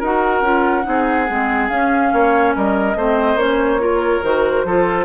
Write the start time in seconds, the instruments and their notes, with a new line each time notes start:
0.00 bassoon D#4, clarinet F#4, oboe A#4, flute F#5
0.42 bassoon C#4, clarinet F4
0.83 bassoon C4, clarinet D#4, oboe G#4
1.29 bassoon G#3, clarinet C4
1.69 bassoon C#4, clarinet C#4, flute F5
2.13 bassoon A#3, oboe C#5
2.56 bassoon G3, oboe A#4, flute D#5
2.96 bassoon A3, clarinet C4, oboe C5
3.36 bassoon A#3, clarinet C#4, flute C#5
3.80 clarinet F4, oboe A#4
4.23 bassoon D#3, clarinet F#4, flute C5
4.64 bassoon F3, clarinet F4, oboe A4